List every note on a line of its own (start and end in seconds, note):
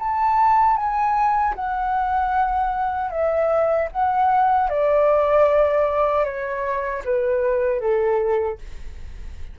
0.00 0.77 A5
0.77 1.55 G#5
1.55 3.11 F#5
3.11 3.89 E5
3.92 4.70 F#5
4.70 6.25 D5
6.25 7.03 C#5
7.05 7.80 B4
7.80 8.58 A4